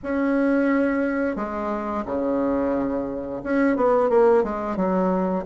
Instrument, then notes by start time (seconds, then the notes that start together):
bassoon
0.03 C#4
1.36 G#3
2.05 C#3
3.43 C#4
3.76 B3
4.09 A#3
4.43 G#3
4.76 F#3